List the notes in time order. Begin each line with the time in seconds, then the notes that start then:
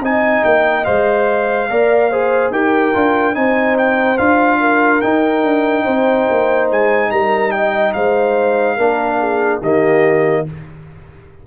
0.00 C4 D#4 D#5 G#5
0.44 A#3 G5
0.84 G#3 C5 F5
1.69 A#3 A#4 D5
2.10 G#4 C5
2.50 D#4 G4 A#4 G5
2.93 D4 F4
3.33 C4 D#4 C5 G#5
3.78 G5
4.17 D4 F4 F5
4.60 A#4
5.01 D#4 G5
5.43 D4
5.84 C4 C5
6.30 A#3
6.70 G#3 G#5
7.10 G3 A#4 A#5
7.51 D#5 G5
7.93 G#3 C5 F5
8.76 A#3 D4 A#4
9.19 G#4
9.59 D#3 A#3 G4 D#5